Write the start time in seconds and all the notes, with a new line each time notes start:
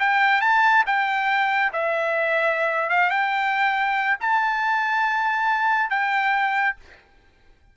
0.00 G5
0.41 A5
0.87 G5
1.73 E5
2.90 F5
3.10 G5
4.21 A5
5.90 G5